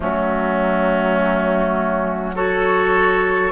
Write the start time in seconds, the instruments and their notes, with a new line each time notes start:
0.00 bassoon F#3, clarinet A3, oboe C#4, flute F#4
2.34 clarinet F#4, oboe A4, flute C#5